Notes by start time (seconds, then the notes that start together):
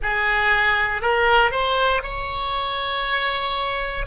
0.02 G#4
1.01 A#4
1.51 C5
2.02 C#5